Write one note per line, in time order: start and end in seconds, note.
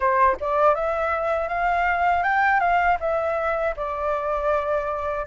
0.00 0.36 C5
0.40 0.74 D5
0.74 1.48 E5
1.48 2.23 F5
2.23 2.60 G5
2.60 2.97 F5
3.00 3.75 E5
3.76 5.26 D5